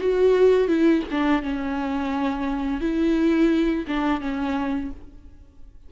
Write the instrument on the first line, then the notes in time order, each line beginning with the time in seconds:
viola
0.00 F#4
0.68 E4
1.11 D4
1.42 C#4
2.81 E4
3.87 D4
4.21 C#4